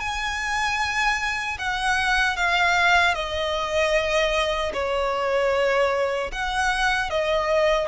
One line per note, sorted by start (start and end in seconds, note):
0.00 1.58 G#5
1.59 2.37 F#5
2.37 3.15 F5
3.15 4.73 D#5
4.74 6.32 C#5
6.32 7.10 F#5
7.10 7.88 D#5